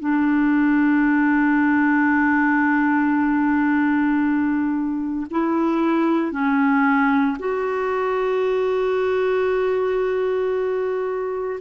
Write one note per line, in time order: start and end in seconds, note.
0.00 5.26 D4
5.31 6.32 E4
6.32 7.37 C#4
7.39 11.60 F#4